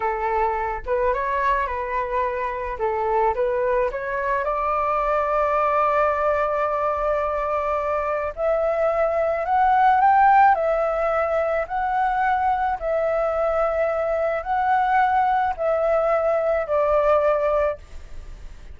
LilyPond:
\new Staff \with { instrumentName = "flute" } { \time 4/4 \tempo 4 = 108 a'4. b'8 cis''4 b'4~ | b'4 a'4 b'4 cis''4 | d''1~ | d''2. e''4~ |
e''4 fis''4 g''4 e''4~ | e''4 fis''2 e''4~ | e''2 fis''2 | e''2 d''2 | }